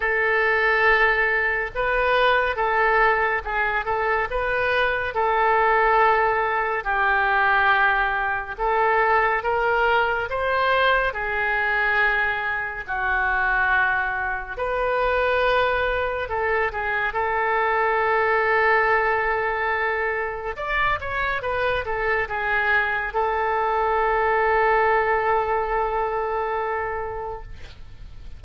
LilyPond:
\new Staff \with { instrumentName = "oboe" } { \time 4/4 \tempo 4 = 70 a'2 b'4 a'4 | gis'8 a'8 b'4 a'2 | g'2 a'4 ais'4 | c''4 gis'2 fis'4~ |
fis'4 b'2 a'8 gis'8 | a'1 | d''8 cis''8 b'8 a'8 gis'4 a'4~ | a'1 | }